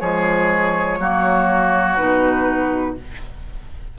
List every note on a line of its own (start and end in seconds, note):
0.00 1.00 F3
0.00 1.00 G#3
0.00 0.99 G#4
0.00 1.96 C#5
1.00 1.98 F#3
1.00 1.98 A#3
1.00 2.97 F#4
1.96 2.99 B2
1.96 2.96 D#4
1.96 2.95 B4